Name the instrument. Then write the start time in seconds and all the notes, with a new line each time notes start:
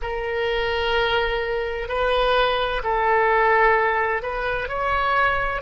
oboe
0.02 A#4
1.88 B4
2.83 A4
4.22 B4
4.68 C#5